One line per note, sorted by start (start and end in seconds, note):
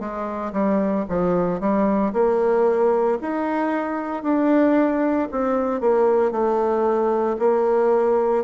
0.00 0.53 G#3
0.53 1.06 G3
1.09 1.60 F3
1.60 2.13 G3
2.13 3.19 A#3
3.22 4.23 D#4
4.23 5.28 D4
5.32 5.81 C4
5.81 6.32 A#3
6.32 7.37 A3
7.39 8.44 A#3